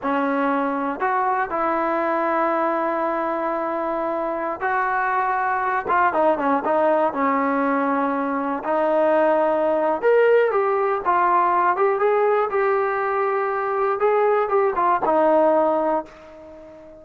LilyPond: \new Staff \with { instrumentName = "trombone" } { \time 4/4 \tempo 4 = 120 cis'2 fis'4 e'4~ | e'1~ | e'4~ e'16 fis'2~ fis'8 f'16~ | f'16 dis'8 cis'8 dis'4 cis'4.~ cis'16~ |
cis'4~ cis'16 dis'2~ dis'8. | ais'4 g'4 f'4. g'8 | gis'4 g'2. | gis'4 g'8 f'8 dis'2 | }